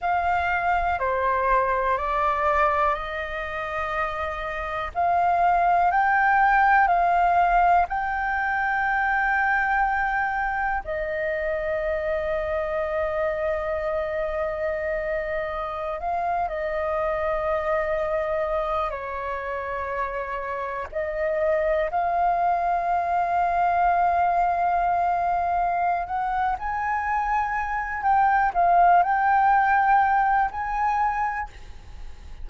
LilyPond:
\new Staff \with { instrumentName = "flute" } { \time 4/4 \tempo 4 = 61 f''4 c''4 d''4 dis''4~ | dis''4 f''4 g''4 f''4 | g''2. dis''4~ | dis''1~ |
dis''16 f''8 dis''2~ dis''8 cis''8.~ | cis''4~ cis''16 dis''4 f''4.~ f''16~ | f''2~ f''8 fis''8 gis''4~ | gis''8 g''8 f''8 g''4. gis''4 | }